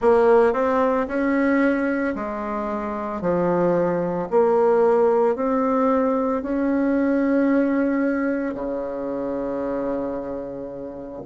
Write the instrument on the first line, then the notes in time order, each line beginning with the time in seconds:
bassoon
0.01 A#3
0.53 C4
1.07 C#4
2.15 G#3
3.21 F3
4.30 A#3
5.35 C4
6.42 C#4
8.54 C#3